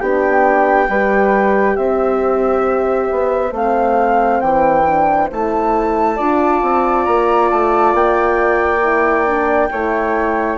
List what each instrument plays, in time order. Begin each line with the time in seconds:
0.00 bassoon B3, horn D4, flute G4 G5
0.89 bassoon G3, horn G4, flute B4
1.76 bassoon C4, flute C5 E5
3.12 bassoon B3
3.52 bassoon A3, horn C4, flute F5
4.41 bassoon E3, flute G5
4.87 horn D4
5.32 bassoon A3, horn E4, flute A5
6.16 bassoon D4, horn F4, flute D5
6.63 bassoon C4
7.05 bassoon A#3, flute A#5
7.51 bassoon A3, flute A5
7.94 bassoon A#3, flute G5
8.83 horn E4
9.27 horn D4
9.71 bassoon A3, horn E4, flute C#5